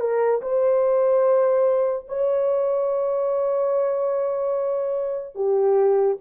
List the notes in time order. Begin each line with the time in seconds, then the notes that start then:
0.00 A#4
0.41 C5
2.08 C#5
5.35 G4